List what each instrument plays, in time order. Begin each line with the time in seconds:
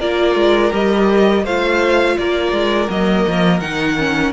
0.00 cello A#3, viola F4, violin A#4 D5
0.35 cello G#3
0.72 cello G3, viola G4, violin D#5
1.44 cello A3, viola F4, violin C5 F5
2.18 cello A#3, violin A#4 D5
2.52 cello G#3
2.89 cello F#3, viola A#3, violin D#5
3.27 cello F3
3.60 cello D#3, viola D#4, violin F#5
3.98 viola C#4